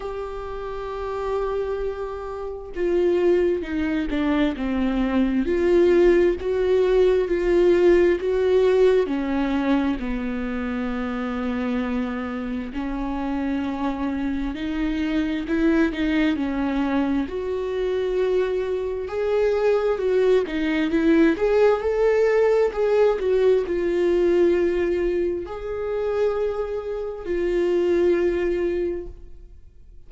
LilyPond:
\new Staff \with { instrumentName = "viola" } { \time 4/4 \tempo 4 = 66 g'2. f'4 | dis'8 d'8 c'4 f'4 fis'4 | f'4 fis'4 cis'4 b4~ | b2 cis'2 |
dis'4 e'8 dis'8 cis'4 fis'4~ | fis'4 gis'4 fis'8 dis'8 e'8 gis'8 | a'4 gis'8 fis'8 f'2 | gis'2 f'2 | }